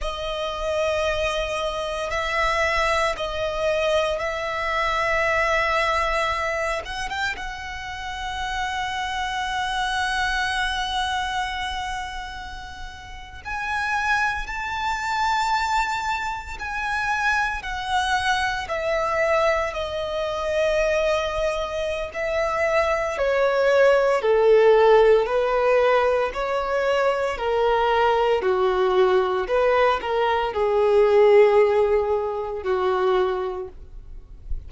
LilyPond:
\new Staff \with { instrumentName = "violin" } { \time 4/4 \tempo 4 = 57 dis''2 e''4 dis''4 | e''2~ e''8 fis''16 g''16 fis''4~ | fis''1~ | fis''8. gis''4 a''2 gis''16~ |
gis''8. fis''4 e''4 dis''4~ dis''16~ | dis''4 e''4 cis''4 a'4 | b'4 cis''4 ais'4 fis'4 | b'8 ais'8 gis'2 fis'4 | }